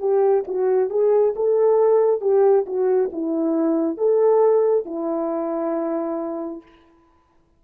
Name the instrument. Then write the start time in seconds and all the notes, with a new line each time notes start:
horn
0.00 G4
0.48 F#4
0.90 G#4
1.36 A4
2.22 G4
2.67 F#4
3.13 E4
3.98 A4
4.86 E4